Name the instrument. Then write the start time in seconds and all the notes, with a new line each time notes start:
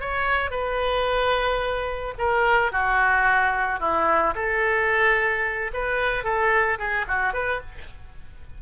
oboe
0.00 C#5
0.50 B4
2.18 A#4
2.71 F#4
3.79 E4
4.35 A4
5.73 B4
6.23 A4
6.78 G#4
7.07 F#4
7.33 B4